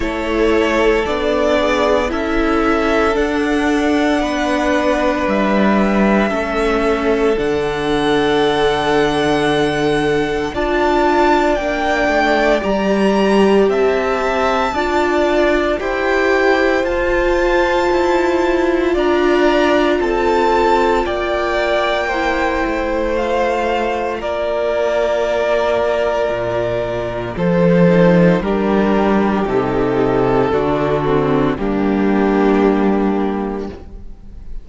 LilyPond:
<<
  \new Staff \with { instrumentName = "violin" } { \time 4/4 \tempo 4 = 57 cis''4 d''4 e''4 fis''4~ | fis''4 e''2 fis''4~ | fis''2 a''4 g''4 | ais''4 a''2 g''4 |
a''2 ais''4 a''4 | g''2 f''4 d''4~ | d''2 c''4 ais'4 | a'2 g'2 | }
  \new Staff \with { instrumentName = "violin" } { \time 4/4 a'4. gis'8 a'2 | b'2 a'2~ | a'2 d''2~ | d''4 e''4 d''4 c''4~ |
c''2 d''4 a'4 | d''4 c''2 ais'4~ | ais'2 a'4 g'4~ | g'4 fis'4 d'2 | }
  \new Staff \with { instrumentName = "viola" } { \time 4/4 e'4 d'4 e'4 d'4~ | d'2 cis'4 d'4~ | d'2 f'4 d'4 | g'2 f'4 g'4 |
f'1~ | f'4 e'4 f'2~ | f'2~ f'8 dis'8 d'4 | dis'4 d'8 c'8 ais2 | }
  \new Staff \with { instrumentName = "cello" } { \time 4/4 a4 b4 cis'4 d'4 | b4 g4 a4 d4~ | d2 d'4 ais8 a8 | g4 c'4 d'4 e'4 |
f'4 e'4 d'4 c'4 | ais4. a4. ais4~ | ais4 ais,4 f4 g4 | c4 d4 g2 | }
>>